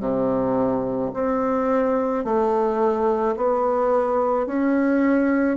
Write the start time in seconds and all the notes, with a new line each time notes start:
0.00 C3
1.14 C4
2.24 A3
3.36 B3
4.46 C#4